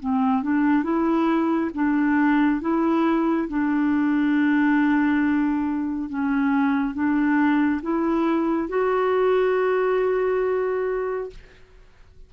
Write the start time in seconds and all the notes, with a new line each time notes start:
0.00 C4
0.43 D4
0.84 E4
1.74 D4
2.62 E4
3.49 D4
6.10 C#4
6.94 D4
7.83 E4
8.69 F#4